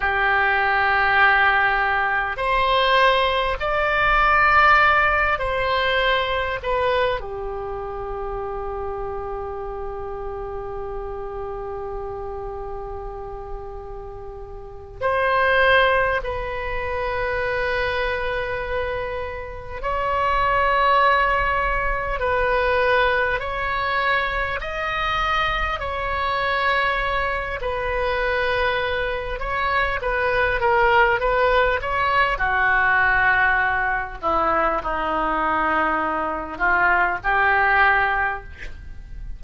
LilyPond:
\new Staff \with { instrumentName = "oboe" } { \time 4/4 \tempo 4 = 50 g'2 c''4 d''4~ | d''8 c''4 b'8 g'2~ | g'1~ | g'8 c''4 b'2~ b'8~ |
b'8 cis''2 b'4 cis''8~ | cis''8 dis''4 cis''4. b'4~ | b'8 cis''8 b'8 ais'8 b'8 cis''8 fis'4~ | fis'8 e'8 dis'4. f'8 g'4 | }